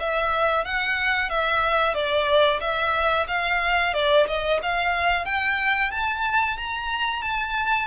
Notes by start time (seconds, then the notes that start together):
0.00 E5
0.65 F#5
1.30 E5
1.95 D5
2.61 E5
3.28 F5
3.94 D5
4.27 D#5
4.62 F5
5.25 G5
5.91 A5
6.58 A#5
7.22 A5